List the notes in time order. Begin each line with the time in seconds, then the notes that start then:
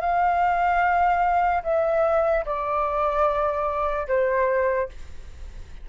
0.00 F5
1.63 E5
2.45 D5
4.07 C5